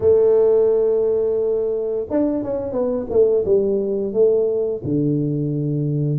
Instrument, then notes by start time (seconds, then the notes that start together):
tuba
0.00 A3
2.09 D4
2.43 C#4
2.71 B3
3.09 A3
3.45 G3
4.13 A3
4.84 D3